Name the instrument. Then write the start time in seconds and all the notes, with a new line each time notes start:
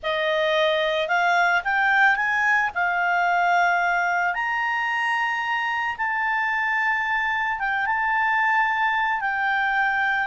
clarinet
0.02 D#5
1.08 F5
1.64 G5
2.16 G#5
2.74 F5
4.34 A#5
5.97 A5
7.59 G5
7.86 A5
9.20 G5